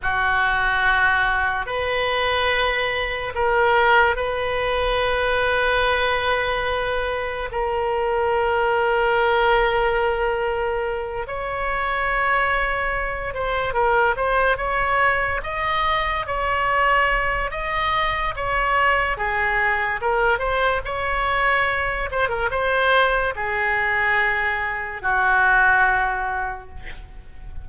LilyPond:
\new Staff \with { instrumentName = "oboe" } { \time 4/4 \tempo 4 = 72 fis'2 b'2 | ais'4 b'2.~ | b'4 ais'2.~ | ais'4. cis''2~ cis''8 |
c''8 ais'8 c''8 cis''4 dis''4 cis''8~ | cis''4 dis''4 cis''4 gis'4 | ais'8 c''8 cis''4. c''16 ais'16 c''4 | gis'2 fis'2 | }